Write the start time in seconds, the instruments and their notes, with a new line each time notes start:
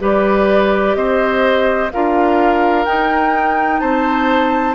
0.00 bassoon G3, clarinet G4, oboe B4, flute D5
0.95 bassoon C4, oboe C5, flute D#5
1.92 bassoon D4, clarinet F4, oboe A#4, flute F5
2.85 clarinet D#4, bassoon D#4, flute G5
3.80 bassoon C4, oboe C5, flute A5